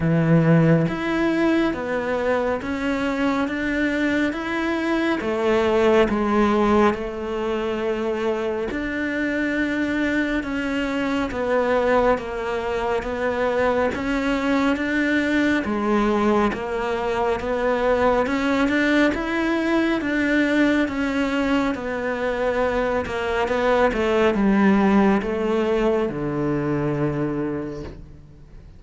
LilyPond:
\new Staff \with { instrumentName = "cello" } { \time 4/4 \tempo 4 = 69 e4 e'4 b4 cis'4 | d'4 e'4 a4 gis4 | a2 d'2 | cis'4 b4 ais4 b4 |
cis'4 d'4 gis4 ais4 | b4 cis'8 d'8 e'4 d'4 | cis'4 b4. ais8 b8 a8 | g4 a4 d2 | }